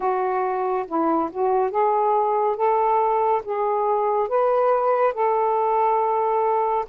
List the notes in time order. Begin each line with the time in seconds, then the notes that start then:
0.00 F#4
0.87 E4
1.31 F#4
1.70 G#4
2.56 A4
3.44 G#4
4.28 B4
5.14 A4